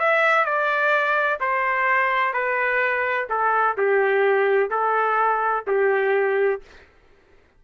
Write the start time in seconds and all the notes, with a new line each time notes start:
0.00 E5
0.46 D5
1.41 C5
2.34 B4
3.30 A4
3.78 G4
4.71 A4
5.67 G4